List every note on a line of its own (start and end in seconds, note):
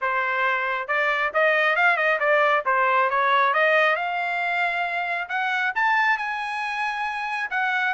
0.01 0.87 C5
0.87 1.31 D5
1.33 1.75 D#5
1.75 1.96 F5
1.96 2.18 D#5
2.19 2.64 D5
2.65 3.09 C5
3.10 3.53 C#5
3.53 3.96 D#5
3.96 5.28 F5
5.28 5.72 F#5
5.75 6.17 A5
6.17 7.50 G#5
7.50 7.94 F#5